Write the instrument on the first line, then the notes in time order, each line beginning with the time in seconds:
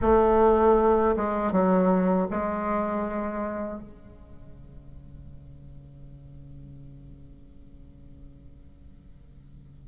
bassoon
0.01 A3
1.16 G#3
1.52 F#3
2.30 G#3
3.81 C#3